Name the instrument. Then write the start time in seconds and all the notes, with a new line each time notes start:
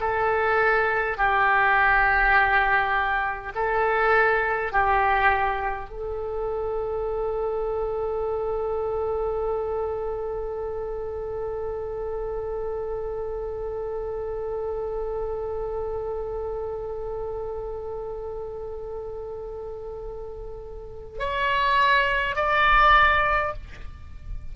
oboe
0.00 A4
1.17 G4
3.55 A4
4.72 G4
5.89 A4
21.19 C#5
22.36 D5